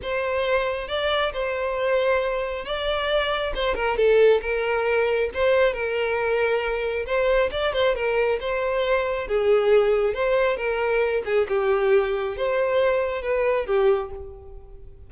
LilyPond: \new Staff \with { instrumentName = "violin" } { \time 4/4 \tempo 4 = 136 c''2 d''4 c''4~ | c''2 d''2 | c''8 ais'8 a'4 ais'2 | c''4 ais'2. |
c''4 d''8 c''8 ais'4 c''4~ | c''4 gis'2 c''4 | ais'4. gis'8 g'2 | c''2 b'4 g'4 | }